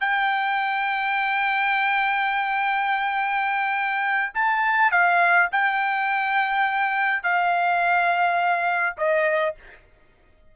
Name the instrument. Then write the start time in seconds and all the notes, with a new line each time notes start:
trumpet
0.00 G5
4.34 A5
4.91 F5
5.51 G5
7.23 F5
8.97 D#5